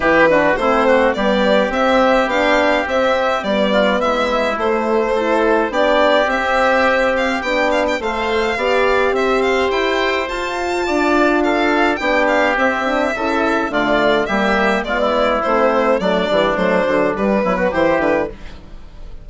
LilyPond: <<
  \new Staff \with { instrumentName = "violin" } { \time 4/4 \tempo 4 = 105 b'4 c''4 d''4 e''4 | f''4 e''4 d''4 e''4 | c''2 d''4 e''4~ | e''8 f''8 g''8 f''16 g''16 f''2 |
e''8 f''8 g''4 a''2 | f''4 g''8 f''8 e''2 | d''4 e''4 d''4 c''4 | d''4 c''4 b'4 c''8 b'8 | }
  \new Staff \with { instrumentName = "oboe" } { \time 4/4 g'8 fis'8 e'8 fis'8 g'2~ | g'2~ g'8 f'8 e'4~ | e'4 a'4 g'2~ | g'2 c''4 d''4 |
c''2. d''4 | a'4 g'2 a'4 | f'4 g'4 f'16 e'4.~ e'16 | d'2~ d'8 e'16 fis'16 g'4 | }
  \new Staff \with { instrumentName = "horn" } { \time 4/4 e'8 d'8 c'4 b4 c'4 | d'4 c'4 b2 | a4 e'4 d'4 c'4~ | c'4 d'4 a'4 g'4~ |
g'2 f'2~ | f'4 d'4 c'8 d'8 e'4 | a4 ais4 b4 c'4 | a8 g8 a8 fis8 g8 b8 e'4 | }
  \new Staff \with { instrumentName = "bassoon" } { \time 4/4 e4 a4 g4 c'4 | b4 c'4 g4 gis4 | a2 b4 c'4~ | c'4 b4 a4 b4 |
c'4 e'4 f'4 d'4~ | d'4 b4 c'4 cis4 | d4 g4 gis4 a4 | fis8 e8 fis8 d8 g8 fis8 e8 d8 | }
>>